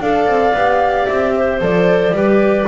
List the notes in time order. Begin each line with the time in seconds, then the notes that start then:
0.00 D4 A4 D5 F5
0.26 C4
0.54 B3 G4
1.06 C4 E5
1.36 C5
1.61 F3 A4 D5
2.12 G3 G4 B4